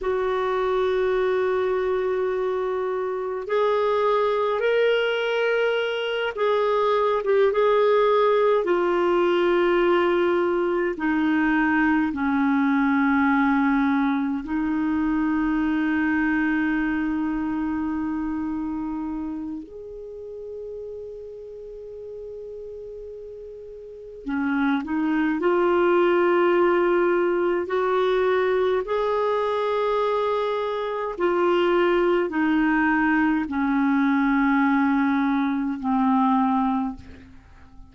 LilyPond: \new Staff \with { instrumentName = "clarinet" } { \time 4/4 \tempo 4 = 52 fis'2. gis'4 | ais'4. gis'8. g'16 gis'4 f'8~ | f'4. dis'4 cis'4.~ | cis'8 dis'2.~ dis'8~ |
dis'4 gis'2.~ | gis'4 cis'8 dis'8 f'2 | fis'4 gis'2 f'4 | dis'4 cis'2 c'4 | }